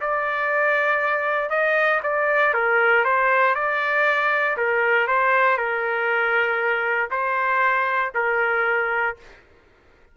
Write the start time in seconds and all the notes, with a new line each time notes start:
0.00 D5
1.49 D#5
2.03 D5
2.53 A#4
3.04 C5
3.55 D5
4.56 A#4
5.07 C5
5.57 A#4
7.10 C5
8.14 A#4